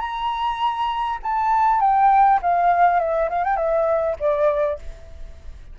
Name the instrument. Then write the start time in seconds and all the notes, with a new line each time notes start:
flute
0.00 A#5
1.23 A5
1.80 G5
2.42 F5
2.99 E5
3.29 F5
3.44 G5
3.56 E5
4.19 D5